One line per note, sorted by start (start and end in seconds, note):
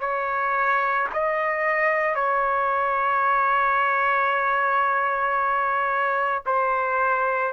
0.00 1.07 C#5
1.13 2.15 D#5
2.15 6.43 C#5
6.46 7.53 C5